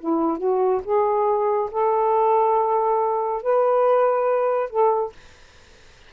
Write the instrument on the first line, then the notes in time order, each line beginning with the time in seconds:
saxophone
0.00 E4
0.38 F#4
0.84 G#4
1.71 A4
3.42 B4
4.70 A4